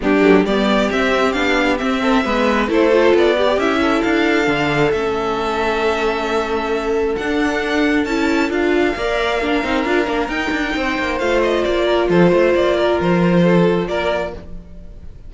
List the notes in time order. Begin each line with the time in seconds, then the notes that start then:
0.00 G3 B3 D4 G4
0.21 F#3 A3
0.44 G3 B3 G4 D5
0.90 C4 E5
1.32 B3 D4 F5
1.77 C4 E5
2.01 A4
2.24 G#3 B3 B4
2.68 A3 E4 A4 C5
2.91 F4
3.14 B3 D5
3.36 G4
3.57 C#4 E4 E5
3.81 A4
4.01 D4 F5
4.44 D3 D4
4.91 A3 C#4 E5
7.15 D4 F#5
8.04 C#4 E4 A5
8.49 D4 F4 F5
8.96 A#3 A#4 D5
9.42 D4 A#4
9.63 C4 D#4
9.84 D4 F4
10.05 A#3 D4
10.28 D#4 G5
10.51 D4
10.76 C4 C5
10.98 A#3
11.18 A3 F4 F5
11.42 D#5
11.63 A#3 D5
11.84 A#4
12.09 F3 A4 C5
12.31 A3 C5
12.55 A#3 D5
12.76 A#4
13.00 F3 C5
13.42 A4
13.87 A#3 A#4 D5